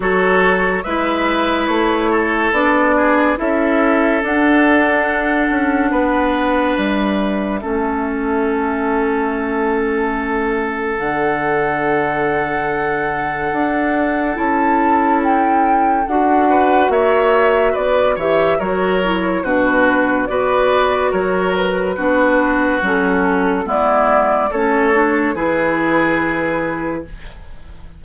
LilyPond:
<<
  \new Staff \with { instrumentName = "flute" } { \time 4/4 \tempo 4 = 71 cis''4 e''4 cis''4 d''4 | e''4 fis''2. | e''1~ | e''4 fis''2.~ |
fis''4 a''4 g''4 fis''4 | e''4 d''8 e''8 cis''4 b'4 | d''4 cis''8 b'4. a'4 | d''4 cis''4 b'2 | }
  \new Staff \with { instrumentName = "oboe" } { \time 4/4 a'4 b'4. a'4 gis'8 | a'2. b'4~ | b'4 a'2.~ | a'1~ |
a'2.~ a'8 b'8 | cis''4 b'8 cis''8 ais'4 fis'4 | b'4 ais'4 fis'2 | e'4 a'4 gis'2 | }
  \new Staff \with { instrumentName = "clarinet" } { \time 4/4 fis'4 e'2 d'4 | e'4 d'2.~ | d'4 cis'2.~ | cis'4 d'2.~ |
d'4 e'2 fis'4~ | fis'4. g'8 fis'8 e'8 d'4 | fis'2 d'4 cis'4 | b4 cis'8 d'8 e'2 | }
  \new Staff \with { instrumentName = "bassoon" } { \time 4/4 fis4 gis4 a4 b4 | cis'4 d'4. cis'8 b4 | g4 a2.~ | a4 d2. |
d'4 cis'2 d'4 | ais4 b8 e8 fis4 b,4 | b4 fis4 b4 fis4 | gis4 a4 e2 | }
>>